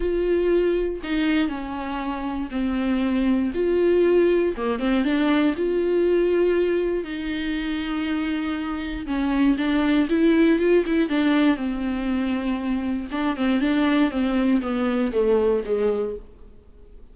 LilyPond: \new Staff \with { instrumentName = "viola" } { \time 4/4 \tempo 4 = 119 f'2 dis'4 cis'4~ | cis'4 c'2 f'4~ | f'4 ais8 c'8 d'4 f'4~ | f'2 dis'2~ |
dis'2 cis'4 d'4 | e'4 f'8 e'8 d'4 c'4~ | c'2 d'8 c'8 d'4 | c'4 b4 a4 gis4 | }